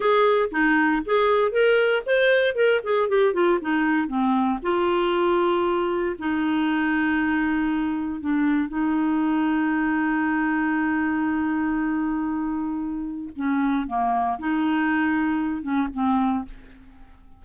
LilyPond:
\new Staff \with { instrumentName = "clarinet" } { \time 4/4 \tempo 4 = 117 gis'4 dis'4 gis'4 ais'4 | c''4 ais'8 gis'8 g'8 f'8 dis'4 | c'4 f'2. | dis'1 |
d'4 dis'2.~ | dis'1~ | dis'2 cis'4 ais4 | dis'2~ dis'8 cis'8 c'4 | }